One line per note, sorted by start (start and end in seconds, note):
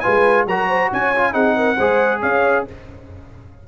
0.00 0.47 F4
0.00 0.47 B4
0.00 0.44 G#5
0.06 0.46 G#3
0.46 0.90 F#3
0.46 1.15 F#4
0.46 0.68 A#4
0.46 0.92 A#5
0.68 0.90 C5
0.90 1.34 C#4
0.90 1.34 C#5
0.90 1.33 G#5
1.16 1.32 F4
1.32 1.78 C4
1.32 1.76 D#4
1.32 1.56 G#4
1.32 2.21 F#5
1.56 1.77 A#4
1.77 2.22 G#3
1.77 2.67 G#4
1.77 2.21 C5
2.21 2.66 C#4
2.21 2.66 C#5
2.21 2.65 F5